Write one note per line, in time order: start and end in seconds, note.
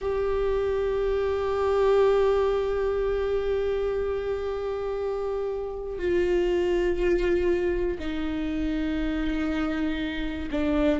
0.01 5.98 G4
5.98 7.98 F4
7.99 10.49 D#4
10.50 11.00 D4